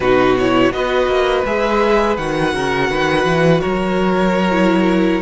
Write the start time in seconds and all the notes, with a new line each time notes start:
0.00 B2 D#4 F#4 B4
0.38 E4 C#5
0.71 B3 F#4 B4 D#5
1.07 A#3
1.45 G#3 G#4 E5
2.17 D#3 F#4 F#5
2.54 C#3 A#4
2.90 D#3 B4
3.25 E3
3.60 F#3 A#4 C#5
4.51 E4